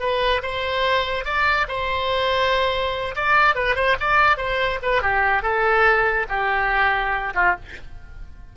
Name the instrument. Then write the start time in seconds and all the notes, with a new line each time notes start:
oboe
0.00 B4
0.43 C5
1.25 D5
1.69 C5
3.16 D5
3.55 B4
3.76 C5
4.00 D5
4.38 C5
4.83 B4
5.02 G4
5.43 A4
6.29 G4
7.35 F4